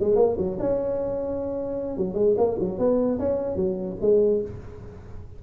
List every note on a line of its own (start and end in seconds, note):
0.00 0.16 G#3
0.16 0.36 A#3
0.38 0.58 F#3
0.59 1.97 C#4
1.97 2.15 F#3
2.15 2.35 G#3
2.38 2.58 A#3
2.59 2.79 F#3
2.79 3.19 B3
3.19 3.56 C#4
3.56 3.96 F#3
4.01 4.41 G#3